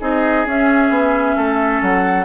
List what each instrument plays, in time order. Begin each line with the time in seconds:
0.00 bassoon C4, clarinet D#4, oboe G#4, flute D#5
0.45 bassoon C#4, clarinet C#4, flute E5
0.89 bassoon B3
1.36 bassoon A3, oboe A4
1.82 bassoon F#3, flute F#5